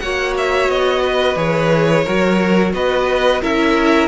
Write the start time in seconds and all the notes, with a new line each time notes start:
0.00 A#3 F#4 C#5 F#5
0.38 E5
0.69 B3 D#5
1.03 B4
1.37 E3 G#4 C#5
2.05 F#3 F#4 A#4
2.74 B3 B4 D#5
3.42 C#4 E4 A#4 E5